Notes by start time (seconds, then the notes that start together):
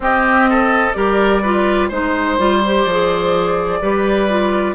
0.00 C4 G4 D#5
0.49 A4
0.93 G3 G4 A#4 D5
1.42 F4 B4
1.88 G#3 D#4 C5
2.38 G3 F4
2.65 G4
2.84 F3 D5
2.90 G#4
3.81 G3 G4 B4
4.29 F4